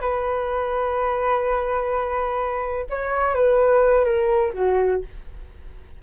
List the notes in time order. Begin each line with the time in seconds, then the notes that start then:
0.00 B4
2.90 C#5
3.34 B4
4.04 A#4
4.53 F#4